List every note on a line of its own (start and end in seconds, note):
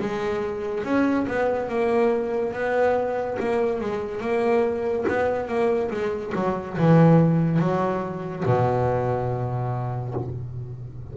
0.00 0.84 G#3
0.84 1.26 C#4
1.27 1.69 B3
1.69 2.53 A#3
2.53 3.37 B3
3.39 3.81 A#3
3.81 4.21 G#3
4.21 5.05 A#3
5.08 5.48 B3
5.48 5.90 A#3
5.90 6.33 G#3
6.35 6.77 F#3
6.78 7.59 E3
7.59 8.44 F#3
8.45 10.14 B2